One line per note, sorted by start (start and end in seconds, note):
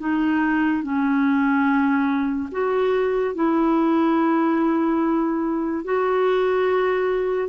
0.00 0.83 D#4
0.83 2.50 C#4
2.52 3.35 F#4
3.35 5.85 E4
5.85 7.49 F#4